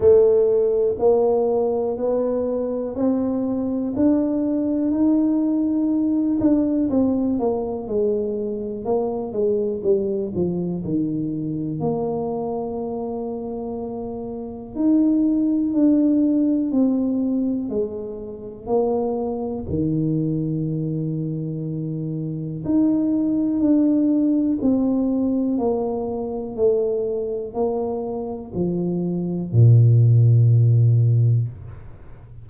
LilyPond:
\new Staff \with { instrumentName = "tuba" } { \time 4/4 \tempo 4 = 61 a4 ais4 b4 c'4 | d'4 dis'4. d'8 c'8 ais8 | gis4 ais8 gis8 g8 f8 dis4 | ais2. dis'4 |
d'4 c'4 gis4 ais4 | dis2. dis'4 | d'4 c'4 ais4 a4 | ais4 f4 ais,2 | }